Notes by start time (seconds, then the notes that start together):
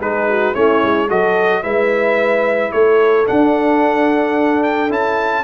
0.00 G#3 D#4 G#4 B4
0.29 F#4
0.55 A3 C#4 E4 C#5
0.83 G#3
1.08 F#3 F#4 A4 D#5
1.63 G#3 E4 B4 E5
2.72 A3 A4 C#5
3.26 D4 F#5
4.64 G5
4.90 C#4 E4 A5